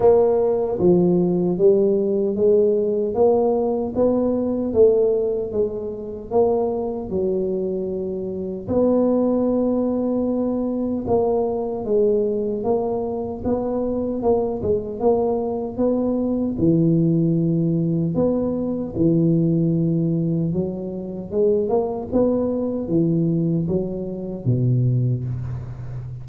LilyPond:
\new Staff \with { instrumentName = "tuba" } { \time 4/4 \tempo 4 = 76 ais4 f4 g4 gis4 | ais4 b4 a4 gis4 | ais4 fis2 b4~ | b2 ais4 gis4 |
ais4 b4 ais8 gis8 ais4 | b4 e2 b4 | e2 fis4 gis8 ais8 | b4 e4 fis4 b,4 | }